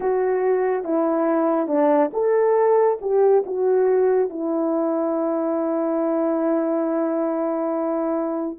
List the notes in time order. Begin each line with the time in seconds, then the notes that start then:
0.00 F#4
0.84 E4
1.67 D4
2.13 A4
3.01 G4
3.46 F#4
4.29 E4